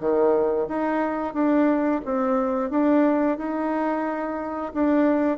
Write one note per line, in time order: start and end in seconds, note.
0.00 0.67 D#3
0.68 1.34 D#4
1.34 2.01 D4
2.05 2.70 C4
2.70 3.37 D4
3.37 4.72 D#4
4.74 5.37 D4